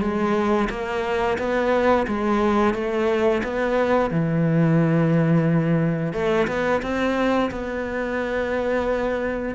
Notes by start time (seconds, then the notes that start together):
0.00 G#3
0.69 A#3
1.38 B3
2.07 G#3
2.74 A3
3.43 B3
4.10 E3
6.13 A3
6.47 B3
6.82 C4
7.51 B3